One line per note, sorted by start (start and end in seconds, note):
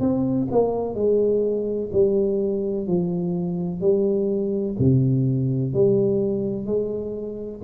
0.00 0.48 C4
0.52 0.95 A#3
0.95 1.90 G#3
1.93 2.87 G3
2.87 3.81 F3
3.81 4.76 G3
4.79 5.74 C3
5.74 6.66 G3
6.66 7.61 G#3